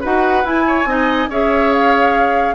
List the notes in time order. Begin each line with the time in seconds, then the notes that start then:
0.00 D#4 F#4 B4 F#5
0.44 E4 G#5
0.67 C#5
0.85 C4 D#4 D#5
1.28 C#4 G#4 C#5 E5
1.73 F5